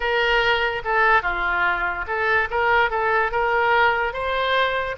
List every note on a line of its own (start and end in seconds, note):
0.00 0.82 A#4
0.84 1.22 A4
1.22 2.05 F4
2.07 2.48 A4
2.50 2.90 A#4
2.90 3.31 A4
3.31 4.13 A#4
4.13 4.96 C5